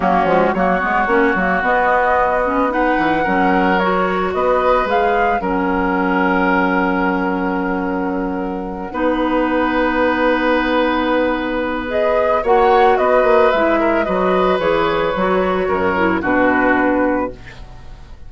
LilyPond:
<<
  \new Staff \with { instrumentName = "flute" } { \time 4/4 \tempo 4 = 111 fis'4 cis''2 dis''4~ | dis''4 fis''2 cis''4 | dis''4 f''4 fis''2~ | fis''1~ |
fis''1~ | fis''2 dis''4 fis''4 | dis''4 e''4 dis''4 cis''4~ | cis''2 b'2 | }
  \new Staff \with { instrumentName = "oboe" } { \time 4/4 cis'4 fis'2.~ | fis'4 b'4 ais'2 | b'2 ais'2~ | ais'1~ |
ais'8 b'2.~ b'8~ | b'2. cis''4 | b'4. ais'8 b'2~ | b'4 ais'4 fis'2 | }
  \new Staff \with { instrumentName = "clarinet" } { \time 4/4 ais8 gis8 ais8 b8 cis'8 ais8 b4~ | b8 cis'8 dis'4 cis'4 fis'4~ | fis'4 gis'4 cis'2~ | cis'1~ |
cis'8 dis'2.~ dis'8~ | dis'2 gis'4 fis'4~ | fis'4 e'4 fis'4 gis'4 | fis'4. e'8 d'2 | }
  \new Staff \with { instrumentName = "bassoon" } { \time 4/4 fis8 f8 fis8 gis8 ais8 fis8 b4~ | b4. e8 fis2 | b4 gis4 fis2~ | fis1~ |
fis8 b2.~ b8~ | b2. ais4 | b8 ais8 gis4 fis4 e4 | fis4 fis,4 b,2 | }
>>